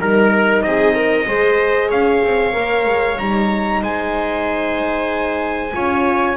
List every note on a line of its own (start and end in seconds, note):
0.00 0.62 G3
0.00 1.27 D#4
0.00 0.64 A#4
0.00 0.62 A#4
0.62 1.26 C4
0.62 0.95 G#4
0.62 1.90 D#5
0.95 1.27 A#4
1.27 1.91 G#3
1.27 2.53 G#4
1.27 1.89 C5
1.89 2.23 C#4
1.89 3.80 C#5
1.89 3.19 F5
2.23 2.55 C4
2.53 2.86 A#3
2.53 3.17 A#4
2.86 3.18 G#3
3.19 3.81 G3
3.19 5.73 D#4
3.19 3.83 A#5
3.81 5.72 G#3
3.81 5.74 C5
3.81 6.37 G#5
5.73 6.37 C#4
5.73 6.37 F4
5.73 6.37 C#5